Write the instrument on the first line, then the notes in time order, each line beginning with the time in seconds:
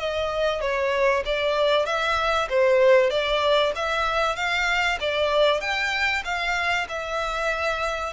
violin
0.00 D#5
0.61 C#5
1.26 D5
1.86 E5
2.50 C5
3.11 D5
3.76 E5
4.36 F5
5.01 D5
5.61 G5
6.25 F5
6.89 E5